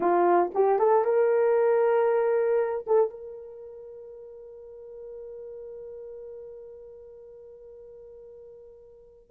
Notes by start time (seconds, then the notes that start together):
0.00 F4
0.54 G4
0.79 A4
1.04 A#4
2.86 A4
3.09 A#4